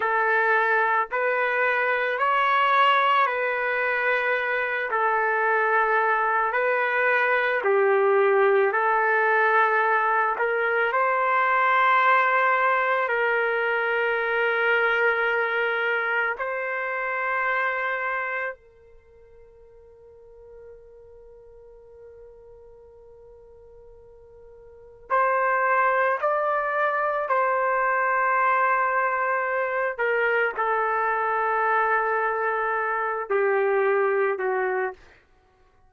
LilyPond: \new Staff \with { instrumentName = "trumpet" } { \time 4/4 \tempo 4 = 55 a'4 b'4 cis''4 b'4~ | b'8 a'4. b'4 g'4 | a'4. ais'8 c''2 | ais'2. c''4~ |
c''4 ais'2.~ | ais'2. c''4 | d''4 c''2~ c''8 ais'8 | a'2~ a'8 g'4 fis'8 | }